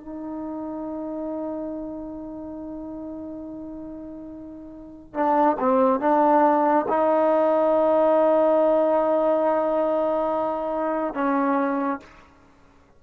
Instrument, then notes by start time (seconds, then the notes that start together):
trombone
0.00 D#4
5.14 D4
5.59 C4
6.00 D4
6.88 D#4
11.14 C#4